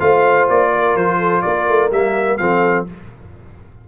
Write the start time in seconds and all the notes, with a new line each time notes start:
0.00 A3 F4 C5 F5
0.49 A#3 D5
0.72 A#4
0.96 F3 C5
1.19 A4
1.42 A#3 A#4 D5
1.69 A3
1.91 G3 A#3 E5
2.38 F3 C4 A4 F5